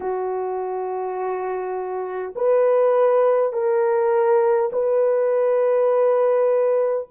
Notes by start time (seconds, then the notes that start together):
0.00 F#4
2.35 B4
3.52 A#4
4.72 B4